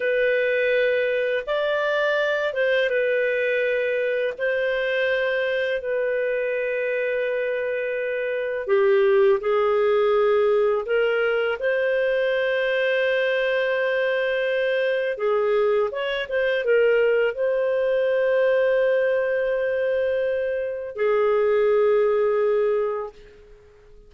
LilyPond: \new Staff \with { instrumentName = "clarinet" } { \time 4/4 \tempo 4 = 83 b'2 d''4. c''8 | b'2 c''2 | b'1 | g'4 gis'2 ais'4 |
c''1~ | c''4 gis'4 cis''8 c''8 ais'4 | c''1~ | c''4 gis'2. | }